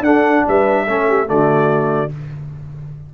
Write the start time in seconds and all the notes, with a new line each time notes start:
0.00 D4 A4 F#5
0.47 G3 B4 E5
0.86 A3 C#4 A4
1.08 G4
1.26 D3 A3 F#4 D5